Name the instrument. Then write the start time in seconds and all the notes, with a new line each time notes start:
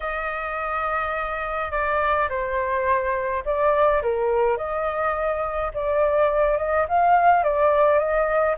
flute
0.00 D#5
1.71 D5
2.29 C5
3.45 D5
4.02 A#4
4.57 D#5
5.74 D5
6.57 D#5
6.88 F5
7.43 D5
7.98 D#5